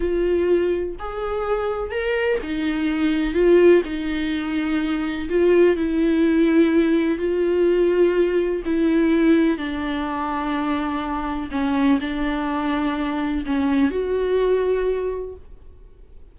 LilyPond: \new Staff \with { instrumentName = "viola" } { \time 4/4 \tempo 4 = 125 f'2 gis'2 | ais'4 dis'2 f'4 | dis'2. f'4 | e'2. f'4~ |
f'2 e'2 | d'1 | cis'4 d'2. | cis'4 fis'2. | }